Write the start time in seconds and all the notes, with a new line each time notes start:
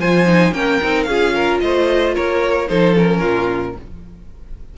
0.00 F3 F4 C5 G#5
0.26 D#4
0.52 A#3 C#4 A#4 G5
0.82 C4 D#4
1.03 C#4 F4 G#4 F5
1.35 A#4
1.60 A3 C5 D#5
2.15 A#3 A#4 C#5
2.68 F3 D#4 A4 C5
2.95 C#4 A#4
3.20 A#2 F4